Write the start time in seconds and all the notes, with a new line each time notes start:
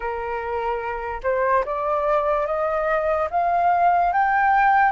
0.00 A#4
1.23 C5
1.65 D5
2.46 D#5
3.30 F5
4.12 G5